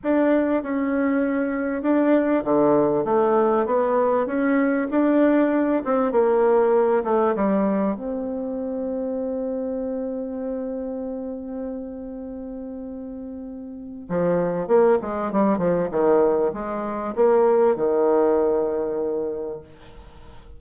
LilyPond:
\new Staff \with { instrumentName = "bassoon" } { \time 4/4 \tempo 4 = 98 d'4 cis'2 d'4 | d4 a4 b4 cis'4 | d'4. c'8 ais4. a8 | g4 c'2.~ |
c'1~ | c'2. f4 | ais8 gis8 g8 f8 dis4 gis4 | ais4 dis2. | }